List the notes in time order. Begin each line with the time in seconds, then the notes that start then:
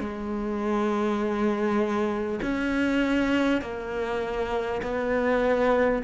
0.00 G#3
2.43 C#4
3.62 A#3
4.82 B3